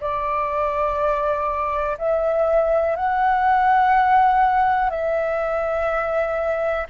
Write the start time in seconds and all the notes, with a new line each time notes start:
0.00 D5
1.98 E5
2.96 F#5
4.90 E5